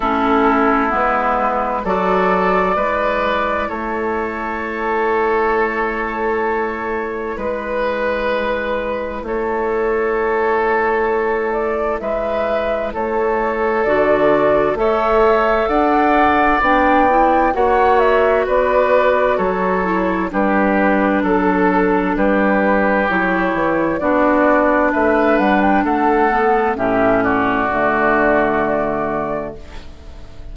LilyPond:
<<
  \new Staff \with { instrumentName = "flute" } { \time 4/4 \tempo 4 = 65 a'4 b'4 d''2 | cis''1 | b'2 cis''2~ | cis''8 d''8 e''4 cis''4 d''4 |
e''4 fis''4 g''4 fis''8 e''8 | d''4 cis''4 b'4 a'4 | b'4 cis''4 d''4 e''8 fis''16 g''16 | fis''4 e''8 d''2~ d''8 | }
  \new Staff \with { instrumentName = "oboe" } { \time 4/4 e'2 a'4 b'4 | a'1 | b'2 a'2~ | a'4 b'4 a'2 |
cis''4 d''2 cis''4 | b'4 a'4 g'4 a'4 | g'2 fis'4 b'4 | a'4 g'8 fis'2~ fis'8 | }
  \new Staff \with { instrumentName = "clarinet" } { \time 4/4 cis'4 b4 fis'4 e'4~ | e'1~ | e'1~ | e'2. fis'4 |
a'2 d'8 e'8 fis'4~ | fis'4. e'8 d'2~ | d'4 e'4 d'2~ | d'8 b8 cis'4 a2 | }
  \new Staff \with { instrumentName = "bassoon" } { \time 4/4 a4 gis4 fis4 gis4 | a1 | gis2 a2~ | a4 gis4 a4 d4 |
a4 d'4 b4 ais4 | b4 fis4 g4 fis4 | g4 fis8 e8 b4 a8 g8 | a4 a,4 d2 | }
>>